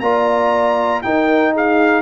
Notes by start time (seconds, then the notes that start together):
0.00 A#3 F4 D5 A#5
1.02 D#4 A#4 G5
1.53 G#4 F5